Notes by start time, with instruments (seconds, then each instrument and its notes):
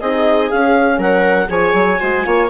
0.00 bassoon C4, horn D#4, viola G#4, clarinet D#5
0.50 horn C#4, bassoon C#4, clarinet F5
0.98 bassoon F#3, viola A#4, clarinet F#5
1.47 bassoon F3, horn G#4, viola C#5, clarinet G#5
1.73 bassoon F#3
2.00 bassoon G#3, horn F#4, viola C5
2.24 bassoon A#3, horn F4, viola C#5